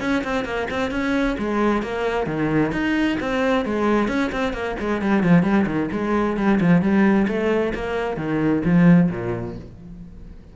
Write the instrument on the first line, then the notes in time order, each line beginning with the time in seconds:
cello
0.00 C#4
0.24 C4
0.44 A#3
0.70 C4
0.90 C#4
1.38 G#3
1.82 A#3
2.26 D#3
2.72 D#4
3.20 C4
3.65 G#3
4.08 C#4
4.32 C4
4.53 A#3
4.79 G#3
5.01 G3
5.23 F3
5.42 G3
5.66 D#3
5.92 G#3
6.36 G3
6.60 F3
6.81 G3
7.27 A3
7.74 A#3
8.17 D#3
8.64 F3
9.10 A#2